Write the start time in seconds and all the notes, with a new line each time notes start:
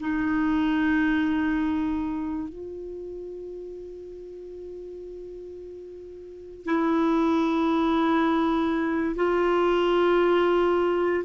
0.00 D#4
2.49 F4
6.65 E4
9.16 F4